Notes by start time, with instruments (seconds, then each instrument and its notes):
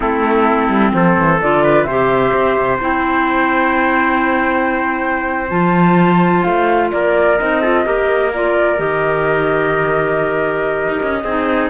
0.00 cello A3, clarinet C4, trumpet E4, flute A4
0.68 cello G3
0.93 cello F3, trumpet A4, flute C5
1.17 cello E3
1.41 cello D3, clarinet F4, flute D5
1.63 trumpet B4
1.83 cello C3, clarinet G4, trumpet C5, flute E5
2.33 cello C4
2.57 cello C3
2.79 cello C4, clarinet E4, flute G5
5.49 cello F3, clarinet F4, flute A5
6.42 cello A3, flute F5
6.91 cello A#3, trumpet A#4, flute D5
7.37 cello C4, clarinet D#4, flute D#5
7.61 clarinet F4, trumpet A4
7.84 cello A#3, clarinet G4, trumpet A#4
8.33 clarinet F4, flute D5
8.77 cello D#3, clarinet G4, flute D#5
10.88 cello D#4
11.02 cello C#4
11.24 cello C4, clarinet D#4, trumpet G#4